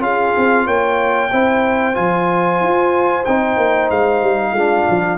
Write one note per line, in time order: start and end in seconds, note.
0.00 0.32 C#4
0.00 1.29 F4
0.00 0.65 G#4
0.00 0.67 F5
0.37 0.67 C4
0.65 1.31 A#3
0.65 1.30 C#5
0.65 1.95 G5
1.31 1.97 C4
1.31 1.94 E4
1.31 4.52 C5
1.94 2.61 F3
1.94 3.23 F4
1.94 3.24 G#5
2.61 3.26 F4
3.25 3.57 C4
3.25 4.57 D#4
3.25 3.89 G5
3.57 3.89 A#3
3.90 4.22 G#3
3.90 5.18 F5
4.22 4.52 G3
4.52 4.84 G#3
4.52 5.18 D4
4.52 5.17 F4
4.89 5.18 F3